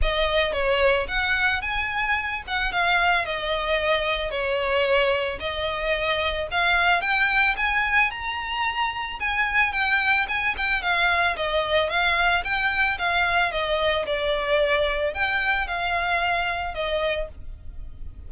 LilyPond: \new Staff \with { instrumentName = "violin" } { \time 4/4 \tempo 4 = 111 dis''4 cis''4 fis''4 gis''4~ | gis''8 fis''8 f''4 dis''2 | cis''2 dis''2 | f''4 g''4 gis''4 ais''4~ |
ais''4 gis''4 g''4 gis''8 g''8 | f''4 dis''4 f''4 g''4 | f''4 dis''4 d''2 | g''4 f''2 dis''4 | }